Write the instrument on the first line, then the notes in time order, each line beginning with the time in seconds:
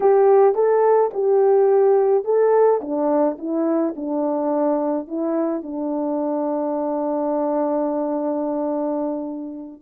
horn
0.00 G4
0.55 A4
1.13 G4
2.24 A4
2.81 D4
3.38 E4
3.96 D4
5.07 E4
5.63 D4